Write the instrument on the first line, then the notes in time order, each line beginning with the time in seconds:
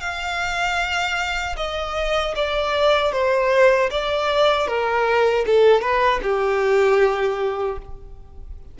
violin
0.00 F5
1.57 D#5
2.36 D5
3.12 C5
3.90 D5
4.67 A#4
5.46 A4
5.81 B4
6.22 G4